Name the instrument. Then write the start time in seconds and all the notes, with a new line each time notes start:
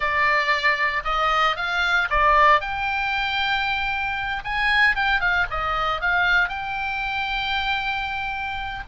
oboe
0.00 D5
1.04 D#5
1.56 F5
2.10 D5
2.60 G5
4.44 G#5
4.95 G5
5.20 F5
5.50 D#5
6.01 F5
6.48 G5